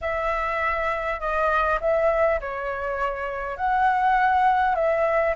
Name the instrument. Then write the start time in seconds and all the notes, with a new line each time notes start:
flute
0.01 E5
1.19 D#5
1.80 E5
2.40 C#5
3.56 F#5
4.75 E5